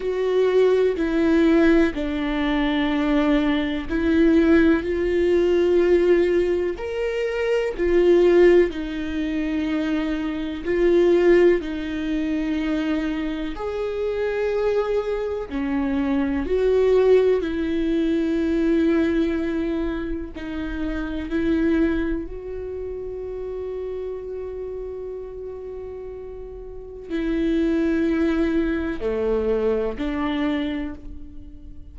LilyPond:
\new Staff \with { instrumentName = "viola" } { \time 4/4 \tempo 4 = 62 fis'4 e'4 d'2 | e'4 f'2 ais'4 | f'4 dis'2 f'4 | dis'2 gis'2 |
cis'4 fis'4 e'2~ | e'4 dis'4 e'4 fis'4~ | fis'1 | e'2 a4 d'4 | }